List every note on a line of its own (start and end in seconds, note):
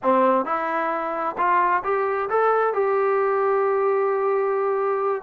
0.02 0.45 C4
0.45 1.36 E4
1.37 1.82 F4
1.83 2.29 G4
2.29 2.73 A4
2.73 5.22 G4